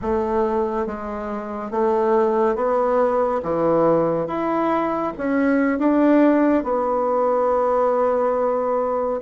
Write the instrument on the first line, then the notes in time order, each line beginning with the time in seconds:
bassoon
0.01 A3
0.86 G#3
1.70 A3
2.55 B3
3.42 E3
4.27 E4
5.17 C#4
5.79 D4
6.64 B3